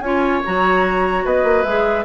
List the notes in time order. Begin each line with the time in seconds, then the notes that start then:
0.00 C#4 F4 C#5 G#5
0.45 F#3 F#4 A#5
1.24 B3 B4 D#5
1.43 A#3
1.64 G#3 G#4 E5